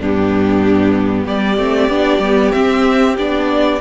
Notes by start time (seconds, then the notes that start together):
0.00 G2 B3 D4 G4
1.24 G3 G4 D5
1.57 A3 C4
1.88 B3 D4
2.19 G3 B3
2.52 C4 E5
3.18 B3 D4 D5